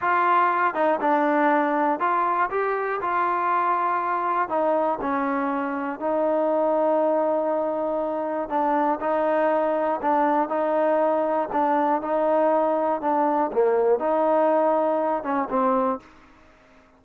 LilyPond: \new Staff \with { instrumentName = "trombone" } { \time 4/4 \tempo 4 = 120 f'4. dis'8 d'2 | f'4 g'4 f'2~ | f'4 dis'4 cis'2 | dis'1~ |
dis'4 d'4 dis'2 | d'4 dis'2 d'4 | dis'2 d'4 ais4 | dis'2~ dis'8 cis'8 c'4 | }